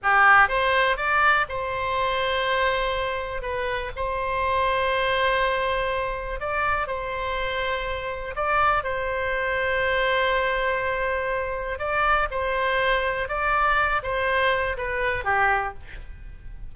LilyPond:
\new Staff \with { instrumentName = "oboe" } { \time 4/4 \tempo 4 = 122 g'4 c''4 d''4 c''4~ | c''2. b'4 | c''1~ | c''4 d''4 c''2~ |
c''4 d''4 c''2~ | c''1 | d''4 c''2 d''4~ | d''8 c''4. b'4 g'4 | }